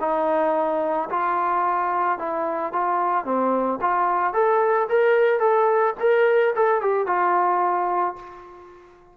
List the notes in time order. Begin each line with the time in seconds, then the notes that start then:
0.00 D#4
1.10 F4
2.18 E4
2.72 F4
3.24 C4
3.81 F4
4.33 A4
4.89 A#4
5.39 A4
6.00 A#4
6.55 A4
6.81 G4
7.06 F4